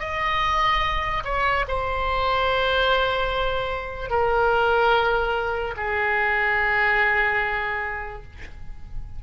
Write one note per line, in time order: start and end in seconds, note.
0.00 1.23 D#5
1.24 1.66 C#5
1.68 4.10 C5
4.10 5.74 A#4
5.77 8.23 G#4